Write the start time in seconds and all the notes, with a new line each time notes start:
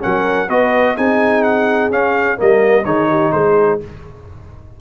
0.00 F#3 C#4 A#4 F#5
0.48 B3 F#4 B4 D#5
0.97 C4 D#4 G#4 G#5
1.43 F#5
1.90 C#4 F5
2.37 G3 A#3 A#4 D#5
2.85 D#3 D#4 G#4 C#5
3.09 G4
3.32 G#3 G#4 C5